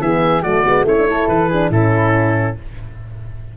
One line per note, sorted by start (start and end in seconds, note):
0.00 0.43 E3
0.00 0.43 B3
0.00 0.42 G#4
0.00 0.42 E5
0.42 0.64 F#3
0.42 0.64 A3
0.42 0.84 F#4
0.42 0.85 D5
0.64 0.83 G#3
0.64 0.85 B3
0.83 1.26 A3
0.83 0.96 C#4
0.83 1.08 E4
0.83 1.28 C#5
0.98 1.06 D4
1.06 1.48 E4
1.06 1.48 A4
1.28 1.70 E3
1.28 1.71 B4
1.48 1.72 D4
1.48 1.70 G#4
1.70 2.55 A2
1.70 2.57 C#4
1.70 2.55 E4
1.70 2.56 A4